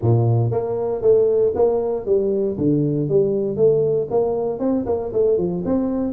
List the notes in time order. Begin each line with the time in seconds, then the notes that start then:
0.01 A#2
0.51 A#3
1.01 A3
1.55 A#3
2.05 G3
2.57 D3
3.08 G3
3.56 A3
4.10 A#3
4.59 C4
4.86 A#3
5.12 A3
5.37 F3
5.65 C4